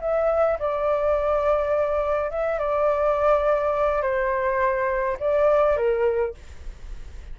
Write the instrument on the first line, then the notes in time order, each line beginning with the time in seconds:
flute
0.00 E5
0.59 D5
2.30 E5
2.59 D5
4.02 C5
5.19 D5
5.76 A#4